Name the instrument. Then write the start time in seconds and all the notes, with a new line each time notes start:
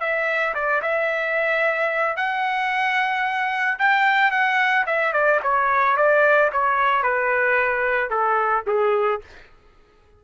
trumpet
0.00 E5
0.55 D5
0.82 E5
2.17 F#5
3.79 G5
4.31 F#5
4.87 E5
5.13 D5
5.43 C#5
5.97 D5
6.53 C#5
7.03 B4
8.10 A4
8.67 G#4